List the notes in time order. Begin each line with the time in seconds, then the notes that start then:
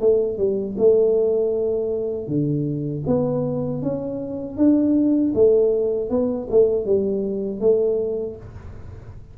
0.00 A3
0.38 G3
0.78 A3
2.27 D3
3.07 B3
3.82 C#4
4.57 D4
5.34 A3
6.10 B3
6.50 A3
6.85 G3
7.60 A3